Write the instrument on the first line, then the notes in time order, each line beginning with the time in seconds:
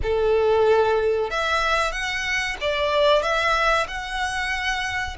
violin
0.03 A4
1.30 E5
1.92 F#5
2.60 D5
3.22 E5
3.87 F#5